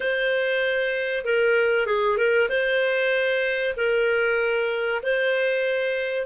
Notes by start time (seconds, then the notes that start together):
0.00 C5
1.24 A#4
1.86 G#4
2.17 A#4
2.49 C5
3.76 A#4
5.02 C5